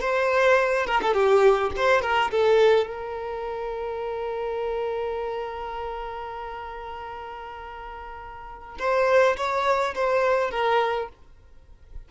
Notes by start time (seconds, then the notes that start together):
0.00 C5
0.86 A#4
1.02 A4
1.13 G4
1.76 C5
2.02 A#4
2.31 A4
2.86 A#4
8.78 C5
9.37 C#5
9.95 C5
10.51 A#4